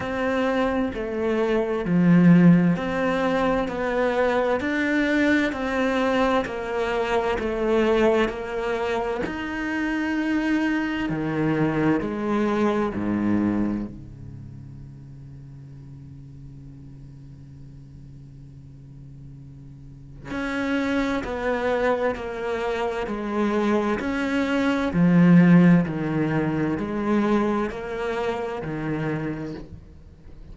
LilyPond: \new Staff \with { instrumentName = "cello" } { \time 4/4 \tempo 4 = 65 c'4 a4 f4 c'4 | b4 d'4 c'4 ais4 | a4 ais4 dis'2 | dis4 gis4 gis,4 cis4~ |
cis1~ | cis2 cis'4 b4 | ais4 gis4 cis'4 f4 | dis4 gis4 ais4 dis4 | }